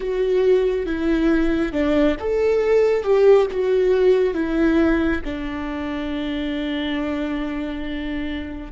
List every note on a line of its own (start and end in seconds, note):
0.00 0.85 F#4
0.85 1.72 E4
1.72 2.15 D4
2.19 3.03 A4
3.03 3.46 G4
3.51 4.34 F#4
4.34 5.21 E4
5.24 8.72 D4